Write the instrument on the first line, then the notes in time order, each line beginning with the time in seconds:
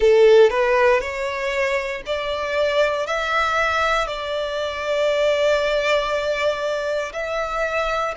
violin
0.00 A4
0.50 B4
1.00 C#5
2.06 D5
3.06 E5
4.07 D5
7.12 E5